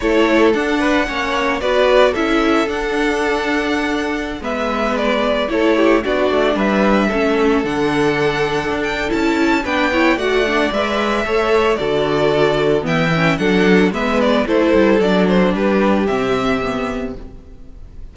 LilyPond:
<<
  \new Staff \with { instrumentName = "violin" } { \time 4/4 \tempo 4 = 112 cis''4 fis''2 d''4 | e''4 fis''2.~ | fis''16 e''4 d''4 cis''4 d''8.~ | d''16 e''2 fis''4.~ fis''16~ |
fis''8 g''8 a''4 g''4 fis''4 | e''2 d''2 | g''4 fis''4 e''8 d''8 c''4 | d''8 c''8 b'4 e''2 | }
  \new Staff \with { instrumentName = "violin" } { \time 4/4 a'4. b'8 cis''4 b'4 | a'1~ | a'16 b'2 a'8 g'8 fis'8.~ | fis'16 b'4 a'2~ a'8.~ |
a'2 b'8 cis''8 d''4~ | d''4 cis''4 a'2 | e''4 a'4 b'4 a'4~ | a'4 g'2. | }
  \new Staff \with { instrumentName = "viola" } { \time 4/4 e'4 d'4 cis'4 fis'4 | e'4 d'2.~ | d'16 b2 e'4 d'8.~ | d'4~ d'16 cis'4 d'4.~ d'16~ |
d'4 e'4 d'8 e'8 fis'8 d'8 | b'4 a'4 fis'2 | b8 cis'8 d'4 b4 e'4 | d'2 c'4 b4 | }
  \new Staff \with { instrumentName = "cello" } { \time 4/4 a4 d'4 ais4 b4 | cis'4 d'2.~ | d'16 gis2 a4 b8 a16~ | a16 g4 a4 d4.~ d16~ |
d16 d'8. cis'4 b4 a4 | gis4 a4 d2 | e4 fis4 gis4 a8 g8 | fis4 g4 c2 | }
>>